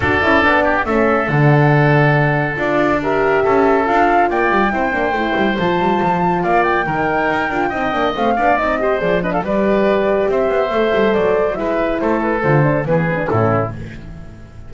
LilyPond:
<<
  \new Staff \with { instrumentName = "flute" } { \time 4/4 \tempo 4 = 140 d''2 e''4 fis''4~ | fis''2 d''4 e''4~ | e''4 f''4 g''2~ | g''4 a''2 f''8 g''8~ |
g''2. f''4 | dis''4 d''8 dis''16 f''16 d''2 | e''2 d''4 e''4 | c''8 b'8 c''4 b'4 a'4 | }
  \new Staff \with { instrumentName = "oboe" } { \time 4/4 a'4. g'8 a'2~ | a'2. ais'4 | a'2 d''4 c''4~ | c''2. d''4 |
ais'2 dis''4. d''8~ | d''8 c''4 b'16 a'16 b'2 | c''2. b'4 | a'2 gis'4 e'4 | }
  \new Staff \with { instrumentName = "horn" } { \time 4/4 fis'8 e'8 d'4 cis'4 d'4~ | d'2 f'4 g'4~ | g'4 f'2 e'8 d'8 | e'4 f'2. |
dis'4. f'8 dis'8 d'8 c'8 d'8 | dis'8 g'8 gis'8 d'8 g'2~ | g'4 a'2 e'4~ | e'4 f'8 d'8 b8 c'16 d'16 cis'4 | }
  \new Staff \with { instrumentName = "double bass" } { \time 4/4 d'8 cis'8 b4 a4 d4~ | d2 d'2 | cis'4 d'4 ais8 g8 c'8 ais8 | a8 g8 f8 g8 f4 ais4 |
dis4 dis'8 d'8 c'8 ais8 a8 b8 | c'4 f4 g2 | c'8 b8 a8 g8 fis4 gis4 | a4 d4 e4 a,4 | }
>>